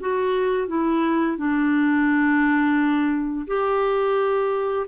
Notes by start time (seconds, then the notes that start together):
0.00 F#4
0.68 E4
1.37 D4
3.47 G4